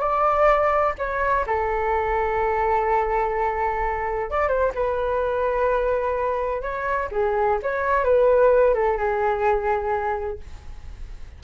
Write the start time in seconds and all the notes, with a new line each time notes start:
0.00 D5
0.98 C#5
1.47 A4
4.31 D5
4.49 C5
4.75 B4
6.62 C#5
7.12 G#4
7.63 C#5
8.05 B4
8.74 A4
8.97 G#4